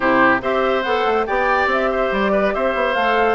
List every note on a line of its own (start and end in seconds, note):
0.00 0.42 C3
0.00 0.40 E4
0.00 0.41 G4
0.00 0.40 C5
0.41 0.84 C4
0.41 0.83 G4
0.41 1.26 C5
0.41 0.82 E5
0.82 1.05 B3
0.82 1.27 A4
0.82 1.25 F#5
1.05 1.26 A3
1.26 1.66 B3
1.26 2.96 G4
1.26 1.90 D5
1.26 1.68 G5
1.66 2.08 C4
1.66 2.13 E5
1.91 2.32 C5
2.11 2.54 G3
2.11 2.54 D5
2.32 2.53 B4
2.54 2.74 C4
2.54 3.34 C5
2.54 2.94 E5
2.74 2.95 B3
2.94 3.34 A3
2.94 3.34 A4
2.94 3.34 F5